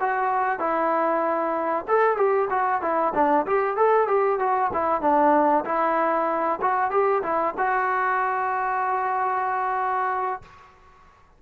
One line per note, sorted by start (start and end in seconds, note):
0.00 0.59 F#4
0.59 1.85 E4
1.88 2.17 A4
2.17 2.48 G4
2.50 2.82 F#4
2.82 3.13 E4
3.15 3.46 D4
3.47 3.77 G4
3.77 4.08 A4
4.08 4.39 G4
4.40 4.71 F#4
4.73 5.01 E4
5.01 5.64 D4
5.65 6.60 E4
6.61 6.91 F#4
6.91 7.22 G4
7.23 7.54 E4
7.58 10.42 F#4